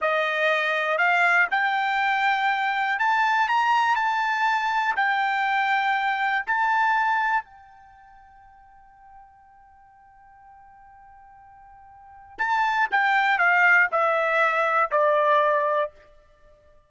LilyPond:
\new Staff \with { instrumentName = "trumpet" } { \time 4/4 \tempo 4 = 121 dis''2 f''4 g''4~ | g''2 a''4 ais''4 | a''2 g''2~ | g''4 a''2 g''4~ |
g''1~ | g''1~ | g''4 a''4 g''4 f''4 | e''2 d''2 | }